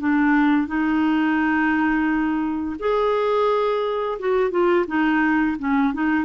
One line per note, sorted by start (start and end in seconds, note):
0.00 0.67 D4
0.67 2.77 D#4
2.79 4.19 G#4
4.19 4.51 F#4
4.51 4.86 F4
4.87 5.57 D#4
5.59 5.94 C#4
5.94 6.25 D#4